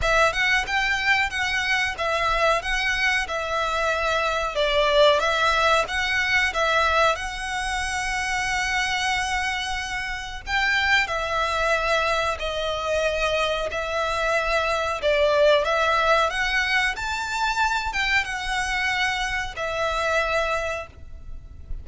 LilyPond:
\new Staff \with { instrumentName = "violin" } { \time 4/4 \tempo 4 = 92 e''8 fis''8 g''4 fis''4 e''4 | fis''4 e''2 d''4 | e''4 fis''4 e''4 fis''4~ | fis''1 |
g''4 e''2 dis''4~ | dis''4 e''2 d''4 | e''4 fis''4 a''4. g''8 | fis''2 e''2 | }